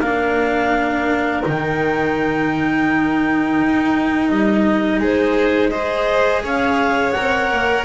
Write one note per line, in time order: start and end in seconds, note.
0.00 1.43 A#3
0.00 1.44 D4
0.00 4.99 A#4
0.00 1.43 F5
1.44 3.60 D#3
1.44 5.72 D#4
1.44 4.29 G5
3.60 4.30 D#4
4.29 5.00 G3
4.29 5.00 D#5
4.99 6.43 G#3
4.99 5.71 G#4
4.99 5.70 C5
5.70 7.15 G#4
5.70 6.43 C5
5.70 6.41 D#5
6.43 7.14 C#4
6.43 7.85 C#5
6.43 7.12 F5
7.12 7.52 C4
7.12 7.85 A#4
7.12 7.83 F#5
7.53 7.85 A#3